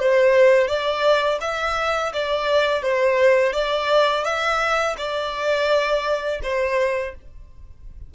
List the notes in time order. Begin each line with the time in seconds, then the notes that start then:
0.00 C5
0.68 D5
1.41 E5
2.13 D5
2.82 C5
3.53 D5
4.24 E5
4.98 D5
6.43 C5